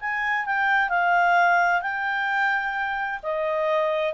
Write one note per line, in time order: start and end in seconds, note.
0.00 0.46 G#5
0.46 0.90 G5
0.90 1.82 F5
1.82 3.20 G5
3.23 4.14 D#5